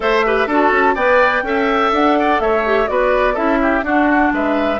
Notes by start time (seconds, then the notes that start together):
0.00 A3 A4 C5 E5
0.25 G4 B4
0.46 D4 F#4 A4 A5
0.71 C#4
0.94 B3 B4 D5 G5
1.42 C#4 A4 E5
1.92 D4 F#5
2.19 D5
2.39 A3 C#5 E5
2.65 G4
2.86 B3 F#4 B4 D5
3.34 C#4 E4 A4 E5
3.62 G4
3.82 D4 F#4 F#5
4.32 G#3 B4 E5